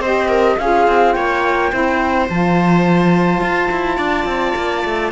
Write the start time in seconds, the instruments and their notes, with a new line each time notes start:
0.00 cello C4, saxophone G4, viola C5, flute D#5
0.29 viola A#4
0.59 cello C#4, saxophone F4, viola G#4, flute F5
0.88 cello C4
1.13 cello A#3, viola C#5, flute G5
1.71 cello C4, saxophone E4, viola C5
2.30 cello F3, saxophone F4, flute A5
3.41 cello F4
3.72 cello E4
3.97 cello D4, viola D5
4.26 cello C4
4.56 cello A#3
4.85 cello A3